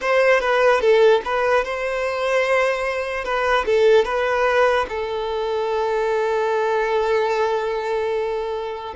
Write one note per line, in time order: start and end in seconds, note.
0.01 0.40 C5
0.40 0.80 B4
0.80 1.21 A4
1.24 1.64 B4
1.64 3.24 C5
3.24 3.64 B4
3.65 4.04 A4
4.04 4.85 B4
4.89 8.94 A4